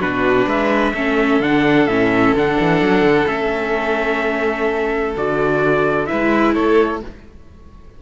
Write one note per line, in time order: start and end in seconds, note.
0.00 0.46 B2
0.00 0.94 D4
0.00 0.47 F#4
0.00 0.49 B4
0.46 0.93 G#3
0.46 0.94 B4
0.46 1.42 E5
0.94 1.40 A3
0.94 1.43 C#4
0.94 6.09 A4
1.40 1.87 D3
1.40 1.89 D4
1.40 1.87 F#5
1.87 2.33 A2
1.87 2.37 C#4
1.87 2.34 E5
2.35 2.58 D3
2.35 3.27 D4
2.35 3.28 F#5
2.60 2.82 E3
2.82 3.02 F#3
3.02 3.25 D3
3.27 5.15 A3
3.27 5.14 C#4
3.27 5.15 E5
5.17 6.10 D3
5.17 6.07 F#4
5.17 6.07 D5
6.07 7.01 E4
6.07 6.55 B4
6.07 6.54 E5
6.13 6.56 G#3
6.54 7.02 A3
6.54 7.02 A4
6.54 7.01 C#5